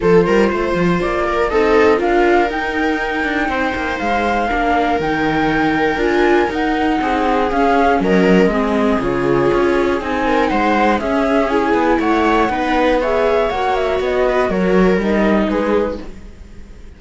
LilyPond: <<
  \new Staff \with { instrumentName = "flute" } { \time 4/4 \tempo 4 = 120 c''2 d''4 dis''4 | f''4 g''2. | f''2 g''2 | gis''4 fis''2 f''4 |
dis''2 cis''2 | gis''4 fis''4 e''4 gis''4 | fis''2 e''4 fis''8 e''8 | dis''4 cis''4 dis''4 b'4 | }
  \new Staff \with { instrumentName = "viola" } { \time 4/4 a'8 ais'8 c''4. ais'8 a'4 | ais'2. c''4~ | c''4 ais'2.~ | ais'2 gis'2 |
ais'4 gis'2.~ | gis'8 ais'8 c''4 gis'2 | cis''4 b'4 cis''2~ | cis''8 b'8 ais'2 gis'4 | }
  \new Staff \with { instrumentName = "viola" } { \time 4/4 f'2. dis'4 | f'4 dis'2.~ | dis'4 d'4 dis'2 | f'4 dis'2 cis'4~ |
cis'4 c'4 f'2 | dis'2 cis'4 e'4~ | e'4 dis'4 gis'4 fis'4~ | fis'2 dis'2 | }
  \new Staff \with { instrumentName = "cello" } { \time 4/4 f8 g8 a8 f8 ais4 c'4 | d'4 dis'4. d'8 c'8 ais8 | gis4 ais4 dis2 | d'4 dis'4 c'4 cis'4 |
fis4 gis4 cis4 cis'4 | c'4 gis4 cis'4. b8 | a4 b2 ais4 | b4 fis4 g4 gis4 | }
>>